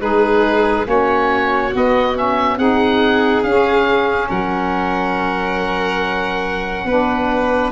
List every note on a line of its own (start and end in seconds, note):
0.00 0.86 G#3
0.00 0.85 D#4
0.00 0.87 G#4
0.00 0.86 B4
0.85 1.73 A#3
0.85 1.70 C#4
0.85 2.58 F#4
0.85 1.75 C#5
1.73 2.15 B3
1.73 2.58 B3
1.73 2.17 D#5
2.15 2.58 C#4
2.15 2.58 E5
2.58 3.43 C4
2.58 3.44 D#4
2.58 4.28 G#4
2.58 3.43 F#5
3.43 4.29 C#4
3.43 6.88 C#4
3.43 4.28 F5
4.28 6.84 F#3
4.28 6.85 A#4
4.28 7.71 F#5
6.84 7.70 B3
6.84 7.71 D4
6.84 7.71 B4